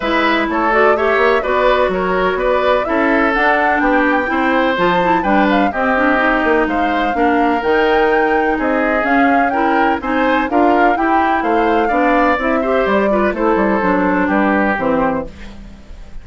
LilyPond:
<<
  \new Staff \with { instrumentName = "flute" } { \time 4/4 \tempo 4 = 126 e''4 cis''8 d''8 e''4 d''4 | cis''4 d''4 e''4 fis''4 | g''2 a''4 g''8 f''8 | dis''2 f''2 |
g''2 dis''4 f''4 | g''4 gis''4 f''4 g''4 | f''2 e''4 d''4 | c''2 b'4 c''4 | }
  \new Staff \with { instrumentName = "oboe" } { \time 4/4 b'4 a'4 cis''4 b'4 | ais'4 b'4 a'2 | g'4 c''2 b'4 | g'2 c''4 ais'4~ |
ais'2 gis'2 | ais'4 c''4 ais'4 g'4 | c''4 d''4. c''4 b'8 | a'2 g'2 | }
  \new Staff \with { instrumentName = "clarinet" } { \time 4/4 e'4. fis'8 g'4 fis'4~ | fis'2 e'4 d'4~ | d'4 e'4 f'8 e'8 d'4 | c'8 d'8 dis'2 d'4 |
dis'2. cis'4 | e'4 dis'4 f'4 e'4~ | e'4 d'4 e'8 g'4 f'8 | e'4 d'2 c'4 | }
  \new Staff \with { instrumentName = "bassoon" } { \time 4/4 gis4 a4. ais8 b4 | fis4 b4 cis'4 d'4 | b4 c'4 f4 g4 | c'4. ais8 gis4 ais4 |
dis2 c'4 cis'4~ | cis'4 c'4 d'4 e'4 | a4 b4 c'4 g4 | a8 g8 fis4 g4 e4 | }
>>